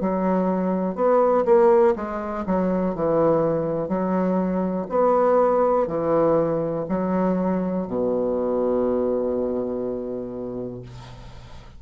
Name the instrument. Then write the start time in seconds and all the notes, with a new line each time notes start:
bassoon
0.00 F#3
0.95 B3
1.45 A#3
1.95 G#3
2.46 F#3
2.95 E3
3.89 F#3
4.89 B3
5.87 E3
6.89 F#3
7.87 B2